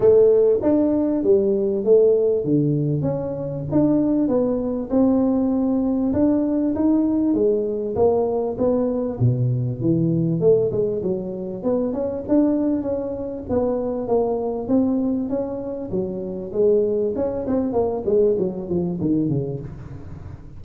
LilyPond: \new Staff \with { instrumentName = "tuba" } { \time 4/4 \tempo 4 = 98 a4 d'4 g4 a4 | d4 cis'4 d'4 b4 | c'2 d'4 dis'4 | gis4 ais4 b4 b,4 |
e4 a8 gis8 fis4 b8 cis'8 | d'4 cis'4 b4 ais4 | c'4 cis'4 fis4 gis4 | cis'8 c'8 ais8 gis8 fis8 f8 dis8 cis8 | }